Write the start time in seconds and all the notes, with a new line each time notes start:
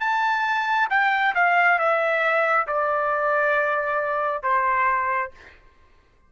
0.00 A5
0.90 G5
1.35 F5
1.78 E5
2.67 D5
4.43 C5